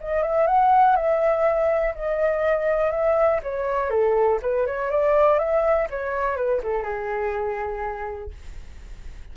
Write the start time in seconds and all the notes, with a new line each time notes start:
0.00 D#5
0.22 E5
0.46 F#5
0.96 E5
1.94 D#5
2.91 E5
3.42 C#5
3.90 A4
4.42 B4
4.66 C#5
4.90 D5
5.39 E5
5.90 C#5
6.36 B4
6.63 A4
6.82 G#4